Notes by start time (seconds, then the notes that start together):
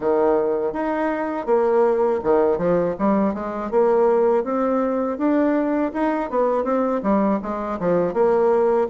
0.00 D#3
0.72 D#4
1.45 A#3
2.23 D#3
2.58 F3
2.98 G3
3.33 G#3
3.70 A#3
4.44 C4
5.18 D4
5.93 D#4
6.30 B3
6.64 C4
7.02 G3
7.42 G#3
7.79 F3
8.13 A#3